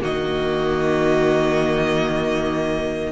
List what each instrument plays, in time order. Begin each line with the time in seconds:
0.00 cello D#3, viola A#3, violin F#4 D#5